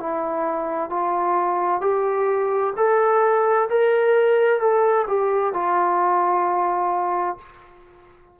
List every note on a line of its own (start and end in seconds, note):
0.00 0.90 E4
0.90 1.81 F4
1.81 2.73 G4
2.77 3.69 A4
3.69 4.60 A#4
4.60 5.06 A4
5.07 5.53 G4
5.53 7.38 F4